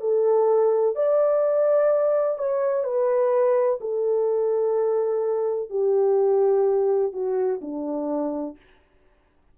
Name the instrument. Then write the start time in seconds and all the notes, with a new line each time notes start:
horn
0.00 A4
0.96 D5
2.38 C#5
2.84 B4
3.81 A4
5.70 G4
7.13 F#4
7.61 D4